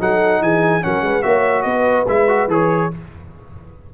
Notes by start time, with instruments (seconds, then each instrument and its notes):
0.00 tuba F#3, trombone D#4, horn A4, trumpet F#5
0.41 tuba E3, horn G#4, trumpet G#5
0.81 tuba F#3, trombone C#4, horn A#4, trumpet F#5
1.01 tuba G#3, horn B4
1.22 tuba A#3, trombone F#4, horn C#5, trumpet E5
1.62 tuba B3, horn B4, trumpet D#5
2.07 tuba G#3, trombone E4, trumpet E5
2.28 trombone F#4
2.48 tuba E3, trombone G#4, trumpet C#5